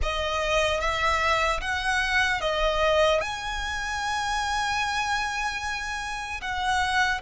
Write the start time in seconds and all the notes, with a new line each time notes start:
0.02 D#5
0.80 E5
1.60 F#5
2.40 D#5
3.20 G#5
6.41 F#5